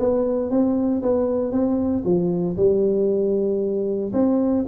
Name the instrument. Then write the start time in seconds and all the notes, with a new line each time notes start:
tuba
0.00 B3
0.51 C4
1.03 B3
1.52 C4
2.05 F3
2.57 G3
4.13 C4